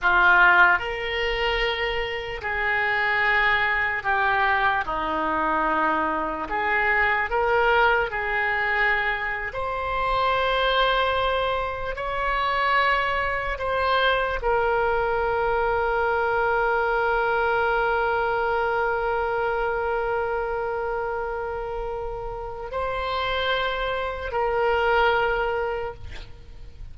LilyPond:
\new Staff \with { instrumentName = "oboe" } { \time 4/4 \tempo 4 = 74 f'4 ais'2 gis'4~ | gis'4 g'4 dis'2 | gis'4 ais'4 gis'4.~ gis'16 c''16~ | c''2~ c''8. cis''4~ cis''16~ |
cis''8. c''4 ais'2~ ais'16~ | ais'1~ | ais'1 | c''2 ais'2 | }